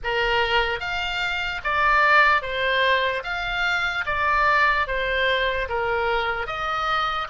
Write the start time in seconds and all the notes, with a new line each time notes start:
0.03 A#4
0.80 F5
1.64 D5
2.42 C5
3.23 F5
4.05 D5
4.87 C5
5.68 A#4
6.46 D#5